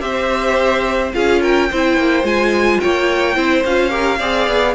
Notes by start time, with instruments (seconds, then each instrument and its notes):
0.00 cello C4, viola G4, violin C5 E5
1.14 cello C#4, viola F4, violin G#4 F5
1.41 violin A#4 G5
1.70 cello C4, viola E4, violin C5
1.97 cello A#3
2.24 cello G#3, viola F4, violin G#5
2.80 cello A#3, violin C#5 G5
3.35 cello C4, viola E4, violin C5
3.65 cello C#4, viola F4, violin F5
3.90 viola G4, violin A#4
4.19 cello C4, viola G#4, violin D5
4.48 cello B3